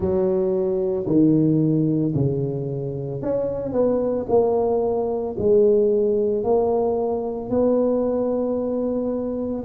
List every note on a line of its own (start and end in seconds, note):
0.00 1.05 F#3
1.06 2.13 D#3
2.14 3.21 C#3
3.21 3.72 C#4
3.72 4.26 B3
4.29 5.36 A#3
5.38 6.43 G#3
6.43 7.50 A#3
7.50 9.64 B3